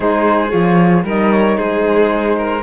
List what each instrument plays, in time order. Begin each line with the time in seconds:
0.00 cello G#3, horn D#4, violin G#4, flute C5
0.51 cello F3, horn F4, flute C#5
1.04 cello G3, horn D#4, violin A#4, flute D#5
1.31 flute C#5
1.57 cello G#3, violin G#4, flute C5
2.37 violin A#4